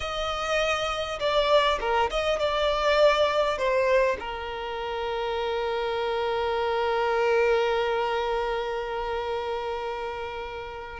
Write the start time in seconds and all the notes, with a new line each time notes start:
0.00 D#5
1.19 D5
1.80 A#4
2.10 D#5
2.39 D5
3.58 C5
4.19 A#4